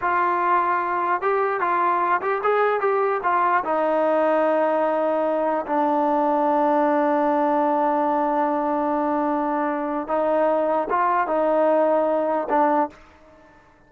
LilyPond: \new Staff \with { instrumentName = "trombone" } { \time 4/4 \tempo 4 = 149 f'2. g'4 | f'4. g'8 gis'4 g'4 | f'4 dis'2.~ | dis'2 d'2~ |
d'1~ | d'1~ | d'4 dis'2 f'4 | dis'2. d'4 | }